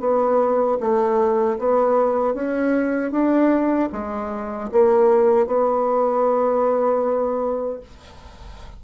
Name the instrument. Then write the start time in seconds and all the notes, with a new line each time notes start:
bassoon
0.00 B3
0.80 A3
1.59 B3
2.34 C#4
3.11 D4
3.92 G#3
4.72 A#3
5.47 B3